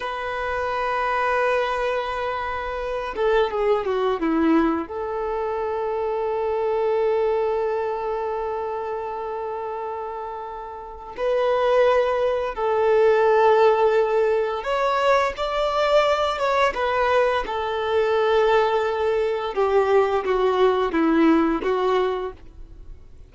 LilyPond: \new Staff \with { instrumentName = "violin" } { \time 4/4 \tempo 4 = 86 b'1~ | b'8 a'8 gis'8 fis'8 e'4 a'4~ | a'1~ | a'1 |
b'2 a'2~ | a'4 cis''4 d''4. cis''8 | b'4 a'2. | g'4 fis'4 e'4 fis'4 | }